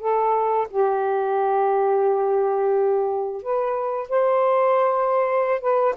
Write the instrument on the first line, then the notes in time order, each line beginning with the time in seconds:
saxophone
0.00 A4
0.71 G4
3.43 B4
4.10 C5
5.61 B4